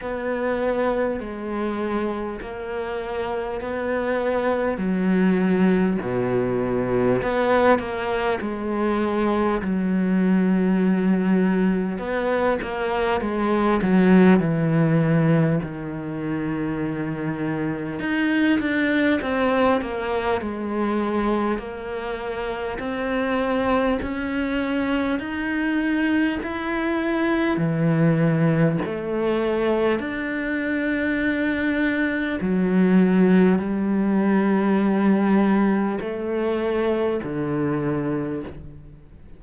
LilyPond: \new Staff \with { instrumentName = "cello" } { \time 4/4 \tempo 4 = 50 b4 gis4 ais4 b4 | fis4 b,4 b8 ais8 gis4 | fis2 b8 ais8 gis8 fis8 | e4 dis2 dis'8 d'8 |
c'8 ais8 gis4 ais4 c'4 | cis'4 dis'4 e'4 e4 | a4 d'2 fis4 | g2 a4 d4 | }